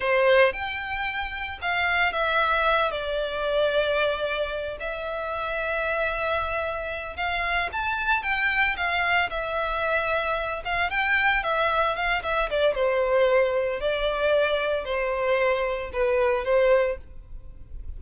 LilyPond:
\new Staff \with { instrumentName = "violin" } { \time 4/4 \tempo 4 = 113 c''4 g''2 f''4 | e''4. d''2~ d''8~ | d''4 e''2.~ | e''4. f''4 a''4 g''8~ |
g''8 f''4 e''2~ e''8 | f''8 g''4 e''4 f''8 e''8 d''8 | c''2 d''2 | c''2 b'4 c''4 | }